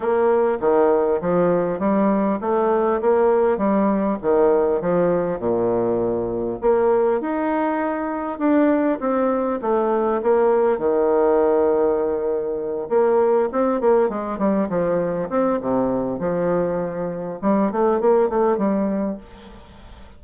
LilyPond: \new Staff \with { instrumentName = "bassoon" } { \time 4/4 \tempo 4 = 100 ais4 dis4 f4 g4 | a4 ais4 g4 dis4 | f4 ais,2 ais4 | dis'2 d'4 c'4 |
a4 ais4 dis2~ | dis4. ais4 c'8 ais8 gis8 | g8 f4 c'8 c4 f4~ | f4 g8 a8 ais8 a8 g4 | }